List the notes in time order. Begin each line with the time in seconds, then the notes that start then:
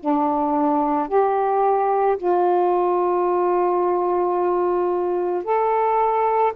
0.00 D4
1.09 G4
2.18 F4
5.44 A4